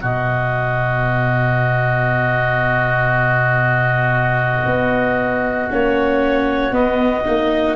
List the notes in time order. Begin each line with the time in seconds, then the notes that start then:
0.00 B2 B3 F#4 D#5
4.65 B3
5.70 A#3 C#4 C#5
6.71 B3 D#5
7.25 A#3 D#4